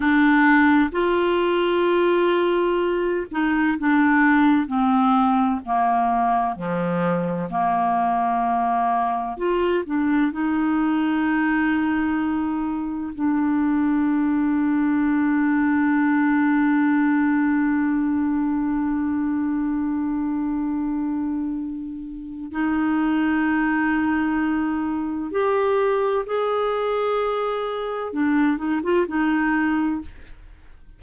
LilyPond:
\new Staff \with { instrumentName = "clarinet" } { \time 4/4 \tempo 4 = 64 d'4 f'2~ f'8 dis'8 | d'4 c'4 ais4 f4 | ais2 f'8 d'8 dis'4~ | dis'2 d'2~ |
d'1~ | d'1 | dis'2. g'4 | gis'2 d'8 dis'16 f'16 dis'4 | }